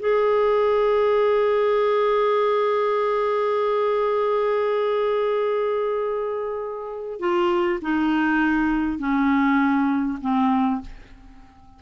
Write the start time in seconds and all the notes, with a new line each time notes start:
0.00 G#4
7.20 F4
7.82 D#4
8.99 C#4
10.21 C4